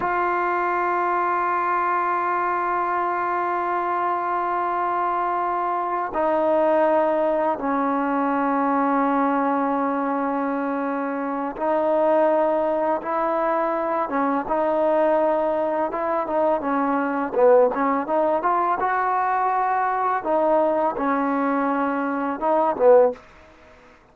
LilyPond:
\new Staff \with { instrumentName = "trombone" } { \time 4/4 \tempo 4 = 83 f'1~ | f'1~ | f'8 dis'2 cis'4.~ | cis'1 |
dis'2 e'4. cis'8 | dis'2 e'8 dis'8 cis'4 | b8 cis'8 dis'8 f'8 fis'2 | dis'4 cis'2 dis'8 b8 | }